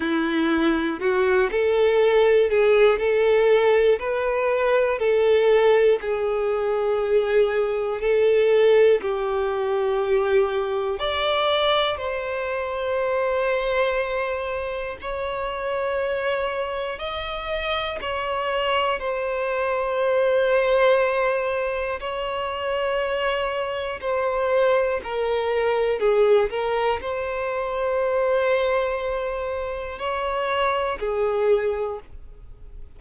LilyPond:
\new Staff \with { instrumentName = "violin" } { \time 4/4 \tempo 4 = 60 e'4 fis'8 a'4 gis'8 a'4 | b'4 a'4 gis'2 | a'4 g'2 d''4 | c''2. cis''4~ |
cis''4 dis''4 cis''4 c''4~ | c''2 cis''2 | c''4 ais'4 gis'8 ais'8 c''4~ | c''2 cis''4 gis'4 | }